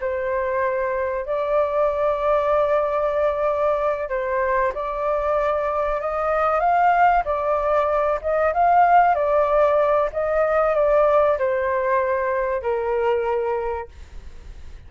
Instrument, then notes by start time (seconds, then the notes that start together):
flute
0.00 C5
1.25 D5
4.09 C5
4.74 D5
6.00 D#5
6.60 F5
7.25 D5
8.21 D#5
8.53 F5
9.15 D5
10.12 D#5
10.75 D5
11.38 C5
12.62 A#4